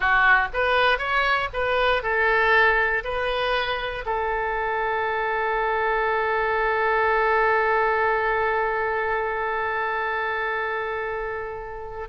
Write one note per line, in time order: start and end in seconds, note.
0.00 0.48 F#4
0.53 0.98 B4
0.98 1.49 C#5
1.53 2.02 B4
2.02 3.03 A4
3.04 4.05 B4
4.05 12.08 A4